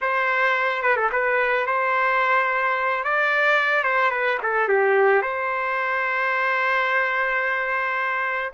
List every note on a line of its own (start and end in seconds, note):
0.01 0.82 C5
0.82 0.96 B4
0.96 1.10 A4
1.12 1.66 B4
1.66 3.04 C5
3.04 3.83 D5
3.83 4.10 C5
4.10 4.38 B4
4.42 4.68 A4
4.68 5.21 G4
5.21 8.52 C5